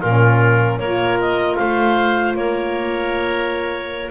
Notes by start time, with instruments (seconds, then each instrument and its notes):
0.00 double bass A#2, saxophone C#4, oboe F4, clarinet A#4
0.79 double bass A#3, saxophone F4, oboe A#4, clarinet C#5
1.21 clarinet D#5
1.56 double bass A3, oboe C5, clarinet F5
2.35 double bass A#3, oboe A#4, clarinet C#5